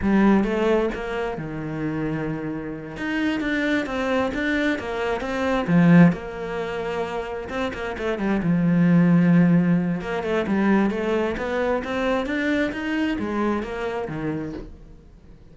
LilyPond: \new Staff \with { instrumentName = "cello" } { \time 4/4 \tempo 4 = 132 g4 a4 ais4 dis4~ | dis2~ dis8 dis'4 d'8~ | d'8 c'4 d'4 ais4 c'8~ | c'8 f4 ais2~ ais8~ |
ais8 c'8 ais8 a8 g8 f4.~ | f2 ais8 a8 g4 | a4 b4 c'4 d'4 | dis'4 gis4 ais4 dis4 | }